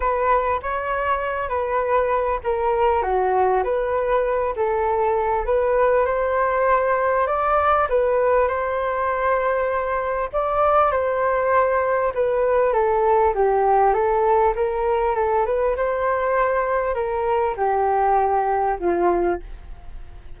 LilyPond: \new Staff \with { instrumentName = "flute" } { \time 4/4 \tempo 4 = 99 b'4 cis''4. b'4. | ais'4 fis'4 b'4. a'8~ | a'4 b'4 c''2 | d''4 b'4 c''2~ |
c''4 d''4 c''2 | b'4 a'4 g'4 a'4 | ais'4 a'8 b'8 c''2 | ais'4 g'2 f'4 | }